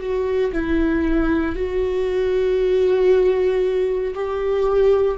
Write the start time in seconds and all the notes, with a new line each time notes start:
0.00 F#4
0.53 E4
1.56 F#4
4.14 G4